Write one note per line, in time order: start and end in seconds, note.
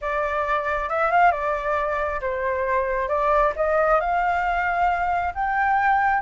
0.01 0.89 D5
0.89 1.11 E5
1.11 1.31 F5
1.31 2.20 D5
2.20 3.08 C5
3.08 3.53 D5
3.56 4.00 D#5
4.00 5.33 F5
5.34 6.21 G5